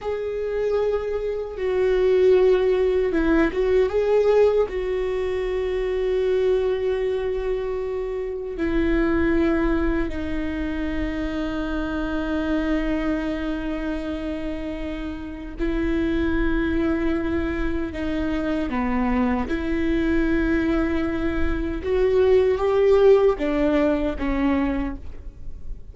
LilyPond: \new Staff \with { instrumentName = "viola" } { \time 4/4 \tempo 4 = 77 gis'2 fis'2 | e'8 fis'8 gis'4 fis'2~ | fis'2. e'4~ | e'4 dis'2.~ |
dis'1 | e'2. dis'4 | b4 e'2. | fis'4 g'4 d'4 cis'4 | }